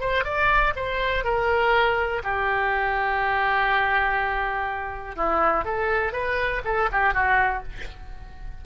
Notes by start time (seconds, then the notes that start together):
0.00 C5
0.24 D5
0.76 C5
1.24 A#4
2.23 G4
5.15 E4
5.64 A4
6.13 B4
6.65 A4
6.92 G4
7.14 F#4